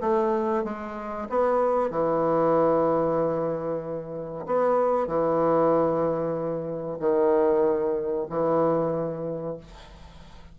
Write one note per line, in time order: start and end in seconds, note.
0.00 0.64 A3
0.64 1.27 G#3
1.29 1.90 B3
1.90 4.45 E3
4.46 5.07 B3
5.07 6.98 E3
6.99 8.27 D#3
8.29 9.57 E3